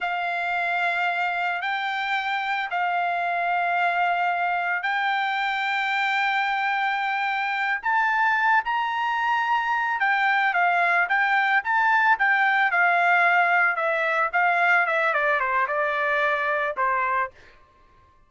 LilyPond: \new Staff \with { instrumentName = "trumpet" } { \time 4/4 \tempo 4 = 111 f''2. g''4~ | g''4 f''2.~ | f''4 g''2.~ | g''2~ g''8 a''4. |
ais''2~ ais''8 g''4 f''8~ | f''8 g''4 a''4 g''4 f''8~ | f''4. e''4 f''4 e''8 | d''8 c''8 d''2 c''4 | }